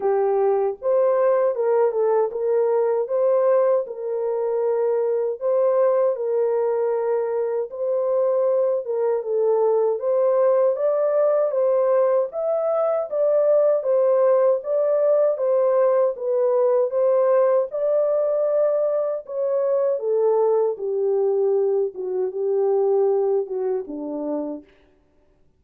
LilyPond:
\new Staff \with { instrumentName = "horn" } { \time 4/4 \tempo 4 = 78 g'4 c''4 ais'8 a'8 ais'4 | c''4 ais'2 c''4 | ais'2 c''4. ais'8 | a'4 c''4 d''4 c''4 |
e''4 d''4 c''4 d''4 | c''4 b'4 c''4 d''4~ | d''4 cis''4 a'4 g'4~ | g'8 fis'8 g'4. fis'8 d'4 | }